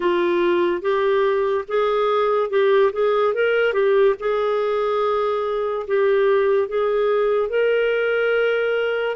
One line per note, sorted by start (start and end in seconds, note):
0.00 0.81 F4
0.81 1.64 G4
1.67 2.50 G#4
2.50 2.91 G4
2.92 3.34 G#4
3.34 3.73 A#4
3.73 4.14 G4
4.19 5.86 G#4
5.87 6.68 G4
6.68 7.49 G#4
7.49 9.15 A#4